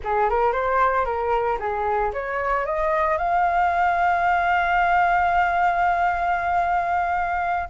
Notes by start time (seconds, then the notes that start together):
0.03 G#4
0.29 A#4
0.52 C5
1.05 A#4
1.59 G#4
2.13 C#5
2.65 D#5
3.17 F5